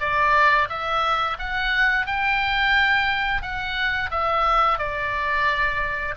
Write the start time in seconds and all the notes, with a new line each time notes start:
0.00 D5
0.69 E5
1.39 F#5
2.06 G5
3.42 F#5
4.11 E5
4.79 D5